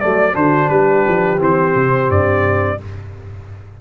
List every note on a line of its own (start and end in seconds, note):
0.00 0.35 F#3
0.00 0.33 A3
0.00 0.35 D5
0.33 0.70 D3
0.33 1.37 D4
0.33 0.70 F#4
0.33 0.69 C5
0.69 1.05 G3
0.69 2.79 G4
0.69 1.39 B4
1.08 1.39 F3
1.38 1.74 E3
1.38 2.78 C4
1.38 2.11 C5
1.75 2.09 C3
2.09 2.79 G2
2.09 2.80 D5